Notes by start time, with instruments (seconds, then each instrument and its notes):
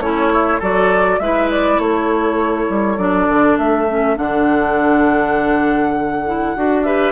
0.00 bassoon A3, oboe C#4, clarinet E4, flute C#5
0.33 oboe E4
0.60 bassoon F#3, clarinet F#4, oboe A4, flute D5
1.20 bassoon G#3, clarinet E4, oboe B4, flute E5
1.51 flute D5
1.79 bassoon A3, oboe A4, flute C#5
2.70 bassoon G3
2.98 bassoon F#3, clarinet D4, flute D5
3.29 bassoon D3
3.58 bassoon A3, flute E5
3.89 clarinet C#4
4.16 bassoon D3, clarinet D4, flute F#5
6.27 clarinet E4
6.56 bassoon D4, clarinet F#4
6.84 clarinet G4, oboe B4, flute E5